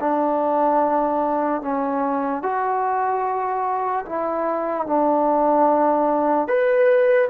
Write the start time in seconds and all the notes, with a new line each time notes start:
0.00 D4
1.61 C#4
2.43 F#4
4.06 E4
4.86 D4
6.48 B4